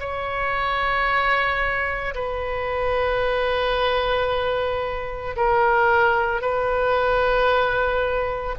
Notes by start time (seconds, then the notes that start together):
0.00 C#5
2.15 B4
5.37 A#4
6.41 B4